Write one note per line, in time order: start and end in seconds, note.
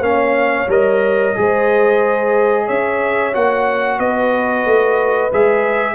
0.00 0.66 A#3
0.00 0.68 C#4
0.00 0.70 F5
0.06 1.38 C#5
0.68 1.34 G3
0.68 1.36 A#4
0.68 2.69 D#5
1.36 2.70 G#3
1.36 3.34 G#4
1.36 2.66 C5
2.66 3.36 C#4
2.66 3.98 C#5
2.66 3.35 E5
3.34 3.99 A#3
3.34 5.31 F#4
3.34 4.00 F#5
3.99 4.65 B3
3.99 5.95 B4
3.99 5.32 D#5
4.66 5.32 A3
5.33 5.95 G#3
5.33 5.95 G#4
5.33 5.95 E5